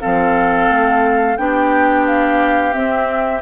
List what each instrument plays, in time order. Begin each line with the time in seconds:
0.00 bassoon F3, clarinet C4, oboe A4, flute F5
0.70 bassoon A3
1.37 bassoon B3, clarinet D4, oboe G4, flute G5
2.07 flute F5
2.73 clarinet C4, bassoon C4, flute E5